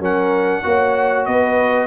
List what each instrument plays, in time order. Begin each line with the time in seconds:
0.00 tuba F#3, trombone C#4, horn A#4, trumpet F#5
0.63 tuba A#3, trombone F#4, horn C#5
1.26 tuba B3, horn B4, trumpet D#5